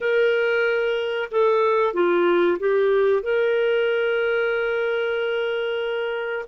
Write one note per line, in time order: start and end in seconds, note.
0.00 1.29 A#4
1.31 1.93 A4
1.93 2.57 F4
2.59 3.22 G4
3.22 6.45 A#4